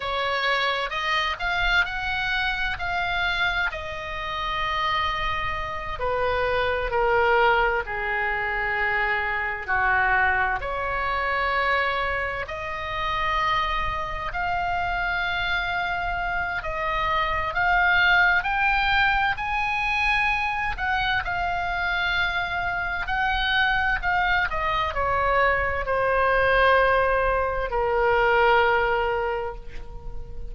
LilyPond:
\new Staff \with { instrumentName = "oboe" } { \time 4/4 \tempo 4 = 65 cis''4 dis''8 f''8 fis''4 f''4 | dis''2~ dis''8 b'4 ais'8~ | ais'8 gis'2 fis'4 cis''8~ | cis''4. dis''2 f''8~ |
f''2 dis''4 f''4 | g''4 gis''4. fis''8 f''4~ | f''4 fis''4 f''8 dis''8 cis''4 | c''2 ais'2 | }